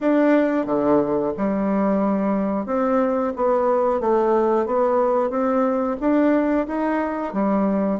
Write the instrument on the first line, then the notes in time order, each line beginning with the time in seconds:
bassoon
0.00 D4
0.65 D3
1.37 G3
2.66 C4
3.35 B3
4.00 A3
4.65 B3
5.29 C4
6.00 D4
6.67 D#4
7.33 G3